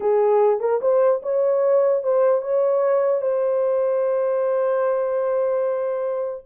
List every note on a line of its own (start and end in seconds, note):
0.00 0.60 G#4
0.60 0.80 A#4
0.81 1.21 C5
1.22 2.03 C#5
2.03 2.41 C5
2.41 3.21 C#5
3.21 6.43 C5